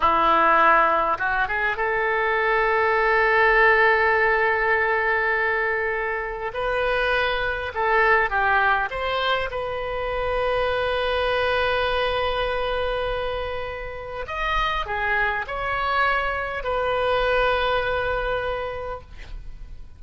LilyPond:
\new Staff \with { instrumentName = "oboe" } { \time 4/4 \tempo 4 = 101 e'2 fis'8 gis'8 a'4~ | a'1~ | a'2. b'4~ | b'4 a'4 g'4 c''4 |
b'1~ | b'1 | dis''4 gis'4 cis''2 | b'1 | }